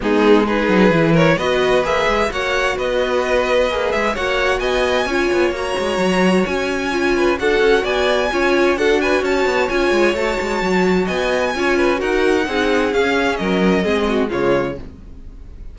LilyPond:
<<
  \new Staff \with { instrumentName = "violin" } { \time 4/4 \tempo 4 = 130 gis'4 b'4. cis''8 dis''4 | e''4 fis''4 dis''2~ | dis''8 e''8 fis''4 gis''2 | ais''2 gis''2 |
fis''4 gis''2 fis''8 gis''8 | a''4 gis''4 a''2 | gis''2 fis''2 | f''4 dis''2 cis''4 | }
  \new Staff \with { instrumentName = "violin" } { \time 4/4 dis'4 gis'4. ais'8 b'4~ | b'4 cis''4 b'2~ | b'4 cis''4 dis''4 cis''4~ | cis''2.~ cis''8 b'8 |
a'4 d''4 cis''4 a'8 b'8 | cis''1 | dis''4 cis''8 b'8 ais'4 gis'4~ | gis'4 ais'4 gis'8 fis'8 f'4 | }
  \new Staff \with { instrumentName = "viola" } { \time 4/4 b4 dis'4 e'4 fis'4 | gis'4 fis'2. | gis'4 fis'2 f'4 | fis'2. f'4 |
fis'2 f'4 fis'4~ | fis'4 f'4 fis'2~ | fis'4 f'4 fis'4 dis'4 | cis'2 c'4 gis4 | }
  \new Staff \with { instrumentName = "cello" } { \time 4/4 gis4. fis8 e4 b4 | ais8 gis8 ais4 b2 | ais8 gis8 ais4 b4 cis'8 b8 | ais8 gis8 fis4 cis'2 |
d'8 cis'8 b4 cis'4 d'4 | cis'8 b8 cis'8 gis8 a8 gis8 fis4 | b4 cis'4 dis'4 c'4 | cis'4 fis4 gis4 cis4 | }
>>